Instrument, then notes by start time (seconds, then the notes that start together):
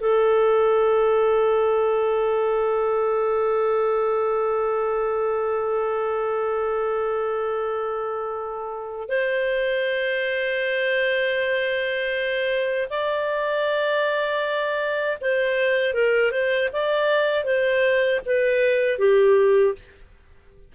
clarinet
0.00 A4
9.09 C5
12.90 D5
15.21 C5
15.94 A#4
16.32 C5
16.73 D5
17.44 C5
18.26 B4
18.99 G4